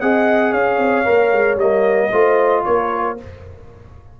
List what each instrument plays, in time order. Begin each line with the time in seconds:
0.00 tuba C4, trombone G#4, horn D#5, trumpet F#5
0.52 tuba C#4, horn C#5, trumpet F5
0.78 tuba C4
1.04 tuba A#3, trombone A#4
1.32 tuba G#3
1.56 tuba G3, trombone A#3, trumpet D#5
2.11 tuba A3, trombone F4, horn C5
2.64 tuba A#3, horn A#4, trumpet C#5